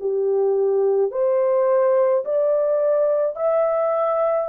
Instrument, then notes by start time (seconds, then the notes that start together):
horn
0.00 G4
1.11 C5
2.25 D5
3.36 E5